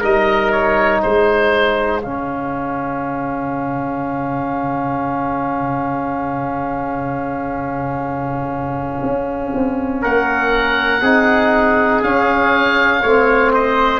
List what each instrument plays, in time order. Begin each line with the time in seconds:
0.00 tuba G3, trombone D#4, trumpet A#4, oboe D#5
0.51 oboe C#5
1.00 tuba G#3, trumpet G#4, oboe C5
2.02 tuba C#3, trombone C#4, oboe F5
9.02 tuba C#4
9.54 tuba C4
10.01 tuba A#3, trumpet A#4, oboe F#5
11.01 tuba C4, trombone D#4, trumpet G#4
12.03 tuba C#4, trombone C#4, oboe F5
13.01 tuba A3, trombone C4, trumpet C#5
13.53 trumpet C5, oboe D#5